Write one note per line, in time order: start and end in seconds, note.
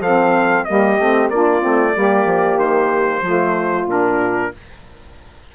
0.00 0.65 F3
0.00 0.67 C4
0.00 0.65 A4
0.00 0.65 F5
0.65 0.99 G3
0.65 0.99 A#3
0.65 1.32 G4
0.65 1.29 D#5
0.99 1.30 A3
0.99 1.33 C4
1.30 1.62 A#3
1.30 1.61 D4
1.30 1.95 F4
1.30 2.59 D5
1.61 1.96 A3
1.61 1.93 C4
1.94 2.26 G3
1.94 3.23 A#3
1.94 3.23 G4
2.26 2.57 F3
2.57 3.22 D#3
2.57 3.88 C5
3.22 3.86 F3
3.22 3.88 A3
3.22 4.52 F4
3.86 4.50 A#2
3.86 4.53 D4
3.86 4.56 A#4